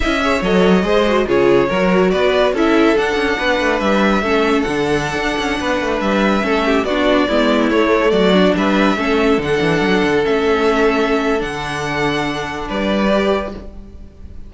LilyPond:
<<
  \new Staff \with { instrumentName = "violin" } { \time 4/4 \tempo 4 = 142 e''4 dis''2 cis''4~ | cis''4 d''4 e''4 fis''4~ | fis''4 e''2 fis''4~ | fis''2~ fis''16 e''4.~ e''16~ |
e''16 d''2 cis''4 d''8.~ | d''16 e''2 fis''4.~ fis''16~ | fis''16 e''2~ e''8. fis''4~ | fis''2 d''2 | }
  \new Staff \with { instrumentName = "violin" } { \time 4/4 dis''8 cis''4. c''4 gis'4 | ais'4 b'4 a'2 | b'2 a'2~ | a'4~ a'16 b'2 a'8 g'16~ |
g'16 fis'4 e'2 fis'8.~ | fis'16 b'4 a'2~ a'8.~ | a'1~ | a'2 b'2 | }
  \new Staff \with { instrumentName = "viola" } { \time 4/4 e'8 gis'8 a'4 gis'8 fis'8 f'4 | fis'2 e'4 d'4~ | d'2 cis'4 d'4~ | d'2.~ d'16 cis'8.~ |
cis'16 d'4 b4 a4. d'16~ | d'4~ d'16 cis'4 d'4.~ d'16~ | d'16 cis'2~ cis'8. d'4~ | d'2. g'4 | }
  \new Staff \with { instrumentName = "cello" } { \time 4/4 cis'4 fis4 gis4 cis4 | fis4 b4 cis'4 d'8 cis'8 | b8 a8 g4 a4 d4~ | d16 d'8 cis'8 b8 a8 g4 a8.~ |
a16 b4 gis4 a4 fis8.~ | fis16 g4 a4 d8 e8 fis8 d16~ | d16 a2~ a8. d4~ | d2 g2 | }
>>